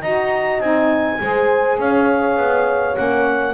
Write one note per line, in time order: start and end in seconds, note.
0.00 0.60 D#4
0.00 0.62 F#4
0.00 1.18 D#5
0.00 0.60 A#5
0.60 1.19 C4
0.60 1.20 D#4
0.60 1.78 G#5
1.20 1.78 G#3
1.20 2.94 G#4
1.20 1.79 C5
1.78 2.37 C#4
1.78 3.54 C#5
1.78 2.95 F5
2.37 2.95 B3
2.94 3.54 A#3
2.94 3.53 C#4
2.94 3.54 F#5